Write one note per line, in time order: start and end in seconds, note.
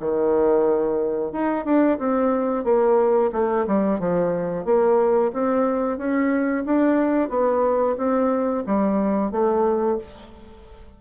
0.00 1.32 D#3
1.32 1.65 D#4
1.65 1.98 D4
1.99 2.64 C4
2.64 3.31 A#3
3.32 3.66 A3
3.67 4.00 G3
4.00 4.65 F3
4.65 5.32 A#3
5.33 5.98 C4
5.98 6.64 C#4
6.65 7.29 D4
7.29 7.96 B3
7.97 8.64 C4
8.66 9.31 G3
9.31 9.98 A3